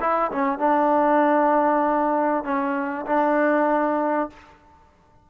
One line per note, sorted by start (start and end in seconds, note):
0.00 0.31 E4
0.31 0.59 C#4
0.59 2.44 D4
2.44 3.06 C#4
3.06 4.30 D4